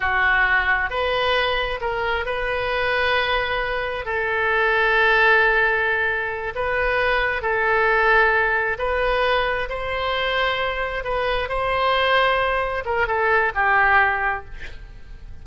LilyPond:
\new Staff \with { instrumentName = "oboe" } { \time 4/4 \tempo 4 = 133 fis'2 b'2 | ais'4 b'2.~ | b'4 a'2.~ | a'2~ a'8 b'4.~ |
b'8 a'2. b'8~ | b'4. c''2~ c''8~ | c''8 b'4 c''2~ c''8~ | c''8 ais'8 a'4 g'2 | }